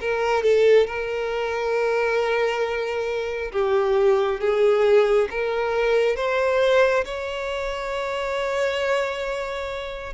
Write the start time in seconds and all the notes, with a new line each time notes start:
0.00 A#4
0.43 A4
0.87 A#4
3.52 G4
4.40 G#4
5.30 A#4
6.16 C5
7.05 C#5